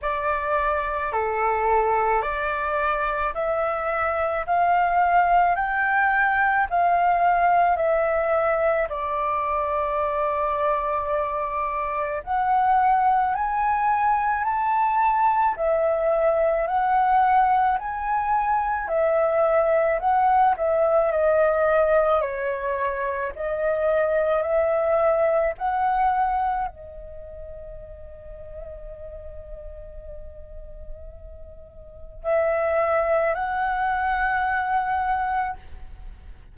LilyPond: \new Staff \with { instrumentName = "flute" } { \time 4/4 \tempo 4 = 54 d''4 a'4 d''4 e''4 | f''4 g''4 f''4 e''4 | d''2. fis''4 | gis''4 a''4 e''4 fis''4 |
gis''4 e''4 fis''8 e''8 dis''4 | cis''4 dis''4 e''4 fis''4 | dis''1~ | dis''4 e''4 fis''2 | }